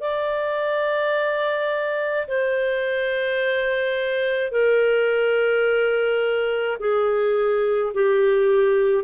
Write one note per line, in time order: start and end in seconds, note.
0.00 2.26 D5
2.27 4.51 C5
4.51 6.77 A#4
6.79 7.92 G#4
7.93 9.04 G4